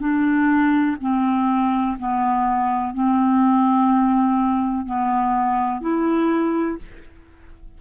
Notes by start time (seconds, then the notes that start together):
0.00 D4
1.00 C4
1.98 B3
2.94 C4
4.86 B3
5.81 E4